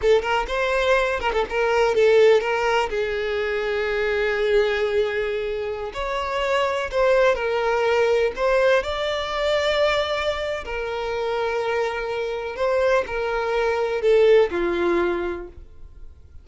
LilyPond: \new Staff \with { instrumentName = "violin" } { \time 4/4 \tempo 4 = 124 a'8 ais'8 c''4. ais'16 a'16 ais'4 | a'4 ais'4 gis'2~ | gis'1~ | gis'16 cis''2 c''4 ais'8.~ |
ais'4~ ais'16 c''4 d''4.~ d''16~ | d''2 ais'2~ | ais'2 c''4 ais'4~ | ais'4 a'4 f'2 | }